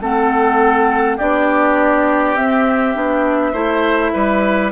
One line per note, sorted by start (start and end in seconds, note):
0.00 1.18 A3
0.00 1.19 C4
0.00 1.17 A4
0.00 1.18 F#5
1.17 2.37 B3
1.17 2.36 D4
1.17 3.52 G4
1.17 2.35 D5
2.35 2.94 C4
2.35 2.95 C4
2.35 4.71 E5
2.94 3.53 B3
2.94 3.53 D4
3.52 4.12 A3
3.52 4.71 E4
3.52 4.11 C5
4.13 4.71 G3
4.13 4.71 B4